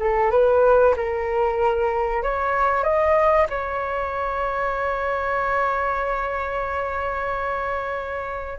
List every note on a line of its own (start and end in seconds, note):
0.00 0.31 A4
0.31 0.95 B4
0.97 2.23 A#4
2.23 2.84 C#5
2.84 3.48 D#5
3.50 8.59 C#5